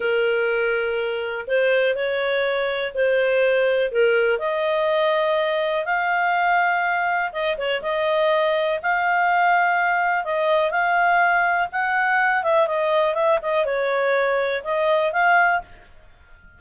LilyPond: \new Staff \with { instrumentName = "clarinet" } { \time 4/4 \tempo 4 = 123 ais'2. c''4 | cis''2 c''2 | ais'4 dis''2. | f''2. dis''8 cis''8 |
dis''2 f''2~ | f''4 dis''4 f''2 | fis''4. e''8 dis''4 e''8 dis''8 | cis''2 dis''4 f''4 | }